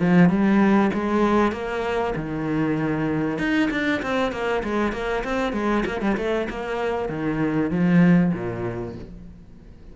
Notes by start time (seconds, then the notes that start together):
0.00 F3
0.29 G3
0.93 G#3
1.52 A#3
2.15 D#3
3.38 D#4
3.70 D4
4.02 C4
4.32 A#3
4.63 G#3
4.92 A#3
5.24 C4
5.53 G#3
5.85 A#3
6.01 G3
6.17 A3
6.49 A#3
7.09 D#3
7.70 F3
8.33 A#2